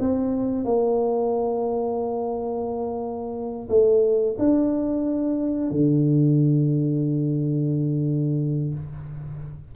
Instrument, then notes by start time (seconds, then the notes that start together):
tuba
0.00 C4
0.65 A#3
3.69 A3
4.39 D4
5.71 D3